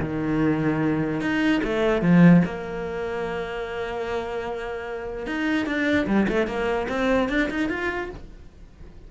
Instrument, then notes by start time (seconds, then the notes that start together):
cello
0.00 D#3
1.21 D#4
1.64 A3
2.02 F3
2.45 A#3
5.27 D#4
5.66 D4
6.07 G3
6.29 A3
6.47 A#3
6.89 C4
7.29 D4
7.50 D#4
7.69 F4